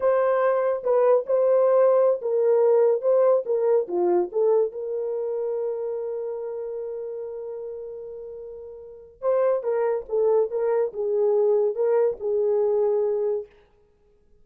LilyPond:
\new Staff \with { instrumentName = "horn" } { \time 4/4 \tempo 4 = 143 c''2 b'4 c''4~ | c''4~ c''16 ais'2 c''8.~ | c''16 ais'4 f'4 a'4 ais'8.~ | ais'1~ |
ais'1~ | ais'2 c''4 ais'4 | a'4 ais'4 gis'2 | ais'4 gis'2. | }